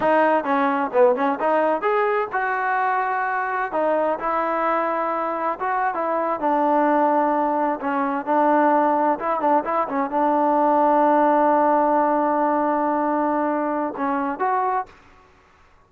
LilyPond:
\new Staff \with { instrumentName = "trombone" } { \time 4/4 \tempo 4 = 129 dis'4 cis'4 b8 cis'8 dis'4 | gis'4 fis'2. | dis'4 e'2. | fis'8. e'4 d'2~ d'16~ |
d'8. cis'4 d'2 e'16~ | e'16 d'8 e'8 cis'8 d'2~ d'16~ | d'1~ | d'2 cis'4 fis'4 | }